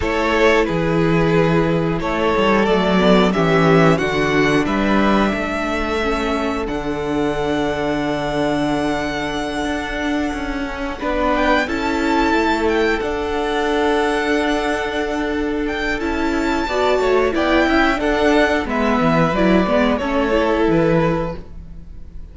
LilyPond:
<<
  \new Staff \with { instrumentName = "violin" } { \time 4/4 \tempo 4 = 90 cis''4 b'2 cis''4 | d''4 e''4 fis''4 e''4~ | e''2 fis''2~ | fis''1~ |
fis''4 g''8 a''4. g''8 fis''8~ | fis''2.~ fis''8 g''8 | a''2 g''4 fis''4 | e''4 d''4 cis''4 b'4 | }
  \new Staff \with { instrumentName = "violin" } { \time 4/4 a'4 gis'2 a'4~ | a'4 g'4 fis'4 b'4 | a'1~ | a'1~ |
a'8 b'4 a'2~ a'8~ | a'1~ | a'4 d''8 cis''8 d''8 e''8 a'4 | b'2 a'2 | }
  \new Staff \with { instrumentName = "viola" } { \time 4/4 e'1 | a8 b8 cis'4 d'2~ | d'4 cis'4 d'2~ | d'1 |
cis'8 d'4 e'2 d'8~ | d'1 | e'4 fis'4 e'4 d'4 | b4 e'8 b8 cis'8 e'4. | }
  \new Staff \with { instrumentName = "cello" } { \time 4/4 a4 e2 a8 g8 | fis4 e4 d4 g4 | a2 d2~ | d2~ d8 d'4 cis'8~ |
cis'8 b4 cis'4 a4 d'8~ | d'1 | cis'4 b8 a8 b8 cis'8 d'4 | gis8 e8 fis8 gis8 a4 e4 | }
>>